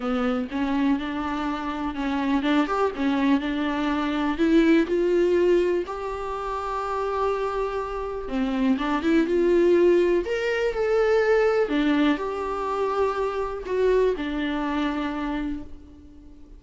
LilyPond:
\new Staff \with { instrumentName = "viola" } { \time 4/4 \tempo 4 = 123 b4 cis'4 d'2 | cis'4 d'8 g'8 cis'4 d'4~ | d'4 e'4 f'2 | g'1~ |
g'4 c'4 d'8 e'8 f'4~ | f'4 ais'4 a'2 | d'4 g'2. | fis'4 d'2. | }